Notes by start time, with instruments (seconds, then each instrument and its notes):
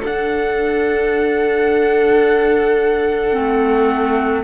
0.00 clarinet D4, cello D4, viola A4, trumpet F#5
3.32 cello A3, clarinet C4